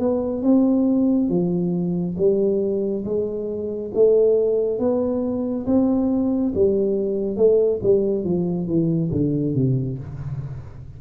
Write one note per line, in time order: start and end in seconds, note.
0.00 0.43 B3
0.43 1.29 C4
1.29 2.16 F3
2.18 3.05 G3
3.05 3.92 G#3
3.94 4.79 A3
4.79 5.66 B3
5.66 6.53 C4
6.55 7.37 G3
7.37 7.81 A3
7.83 8.25 G3
8.25 8.67 F3
8.67 9.11 E3
9.12 9.55 D3
9.55 9.98 C3